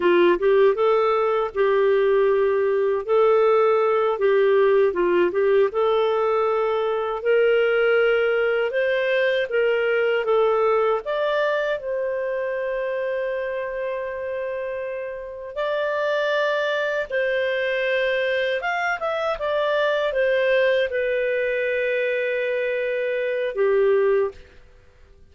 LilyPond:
\new Staff \with { instrumentName = "clarinet" } { \time 4/4 \tempo 4 = 79 f'8 g'8 a'4 g'2 | a'4. g'4 f'8 g'8 a'8~ | a'4. ais'2 c''8~ | c''8 ais'4 a'4 d''4 c''8~ |
c''1~ | c''8 d''2 c''4.~ | c''8 f''8 e''8 d''4 c''4 b'8~ | b'2. g'4 | }